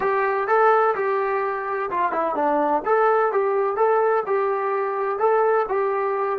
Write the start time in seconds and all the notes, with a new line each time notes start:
0.00 G4
0.47 A4
0.95 G4
1.90 F4
2.12 E4
2.35 D4
2.85 A4
3.32 G4
3.76 A4
4.26 G4
5.18 A4
5.68 G4